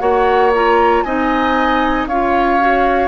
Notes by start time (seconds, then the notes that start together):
0.00 A#3 F#4 C#5 F#5
0.55 F4 A#5
1.03 C4 D#4 D#5 G#5
2.07 C#4 F4 C#5 F5
2.60 F#4